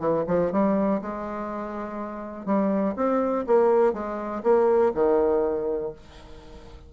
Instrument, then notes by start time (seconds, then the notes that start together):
bassoon
0.00 E3
0.28 F3
0.53 G3
1.02 G#3
2.46 G3
2.96 C4
3.47 A#3
3.94 G#3
4.44 A#3
4.95 D#3